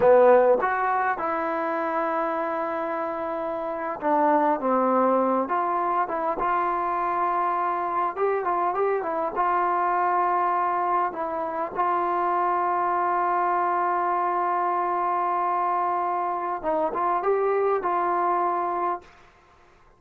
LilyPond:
\new Staff \with { instrumentName = "trombone" } { \time 4/4 \tempo 4 = 101 b4 fis'4 e'2~ | e'2~ e'8. d'4 c'16~ | c'4~ c'16 f'4 e'8 f'4~ f'16~ | f'4.~ f'16 g'8 f'8 g'8 e'8 f'16~ |
f'2~ f'8. e'4 f'16~ | f'1~ | f'1 | dis'8 f'8 g'4 f'2 | }